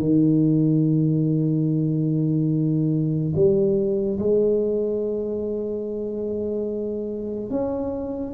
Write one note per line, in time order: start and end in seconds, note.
0.00 3.33 D#3
3.36 4.19 G3
4.20 7.51 G#3
7.51 8.34 C#4